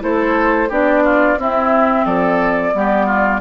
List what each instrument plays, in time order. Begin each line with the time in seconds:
0.00 bassoon A3, clarinet E4, oboe A4, flute C5
0.69 bassoon B3, clarinet D4, oboe G4, flute D5
1.04 oboe F4
1.38 bassoon C4, clarinet C4, oboe E4, flute E5
2.05 bassoon F3, oboe A4, flute D5
2.73 bassoon G3, clarinet B3, oboe G4
3.06 oboe F4